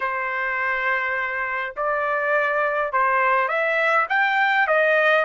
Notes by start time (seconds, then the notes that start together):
0.00 C5
1.76 D5
2.92 C5
3.48 E5
4.09 G5
4.67 D#5